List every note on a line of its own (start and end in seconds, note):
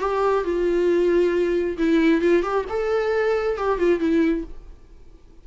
0.00 0.44 G4
0.44 1.77 F4
1.78 2.21 E4
2.21 2.43 F4
2.43 2.65 G4
2.69 3.57 A4
3.57 3.79 G4
3.79 4.00 F4
4.00 4.44 E4